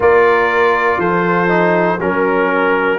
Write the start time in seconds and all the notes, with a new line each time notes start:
0.00 A#3 F4 A#4 D5
0.97 F3 A4 C5
1.48 D#4
2.00 F#3 C#4 A#4